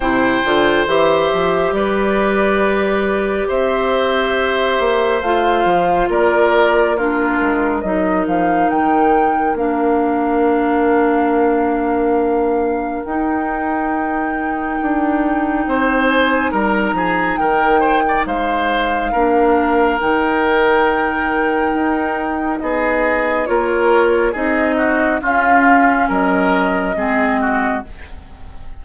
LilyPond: <<
  \new Staff \with { instrumentName = "flute" } { \time 4/4 \tempo 4 = 69 g''4 e''4 d''2 | e''2 f''4 d''4 | ais'4 dis''8 f''8 g''4 f''4~ | f''2. g''4~ |
g''2~ g''8 gis''8 ais''4 | g''4 f''2 g''4~ | g''2 dis''4 cis''4 | dis''4 f''4 dis''2 | }
  \new Staff \with { instrumentName = "oboe" } { \time 4/4 c''2 b'2 | c''2. ais'4 | f'4 ais'2.~ | ais'1~ |
ais'2 c''4 ais'8 gis'8 | ais'8 c''16 d''16 c''4 ais'2~ | ais'2 gis'4 ais'4 | gis'8 fis'8 f'4 ais'4 gis'8 fis'8 | }
  \new Staff \with { instrumentName = "clarinet" } { \time 4/4 e'8 f'8 g'2.~ | g'2 f'2 | d'4 dis'2 d'4~ | d'2. dis'4~ |
dis'1~ | dis'2 d'4 dis'4~ | dis'2. f'4 | dis'4 cis'2 c'4 | }
  \new Staff \with { instrumentName = "bassoon" } { \time 4/4 c8 d8 e8 f8 g2 | c'4. ais8 a8 f8 ais4~ | ais8 gis8 fis8 f8 dis4 ais4~ | ais2. dis'4~ |
dis'4 d'4 c'4 g8 f8 | dis4 gis4 ais4 dis4~ | dis4 dis'4 b4 ais4 | c'4 cis'4 fis4 gis4 | }
>>